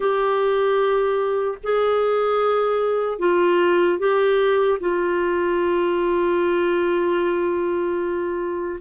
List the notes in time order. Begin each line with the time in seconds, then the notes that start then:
0.00 G4
1.63 G#4
3.19 F4
3.99 G4
4.80 F4